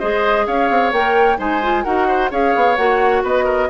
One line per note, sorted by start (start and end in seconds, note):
0.00 0.48 G#3
0.00 0.94 G#4
0.00 0.46 C5
0.00 0.46 D#5
0.47 0.70 C#4
0.47 1.39 C#5
0.47 0.93 F5
0.70 0.93 C4
0.93 1.39 A#3
0.93 1.38 A#4
0.93 1.39 G5
1.38 1.85 G#3
1.38 1.61 D#4
1.38 1.85 C5
1.38 1.84 G#5
1.63 1.85 F4
1.84 2.32 D#4
1.84 2.31 F#4
1.84 2.08 A#4
1.84 2.30 F#5
2.08 2.31 C5
2.31 2.55 C#4
2.31 2.77 G#4
2.31 3.23 C#5
2.31 2.77 F5
2.56 2.78 B3
2.77 3.24 A#3
2.77 3.70 F#4
2.77 3.23 F#5
3.24 3.70 B3
3.24 3.45 B4
3.24 3.70 D#5
3.45 3.68 A#4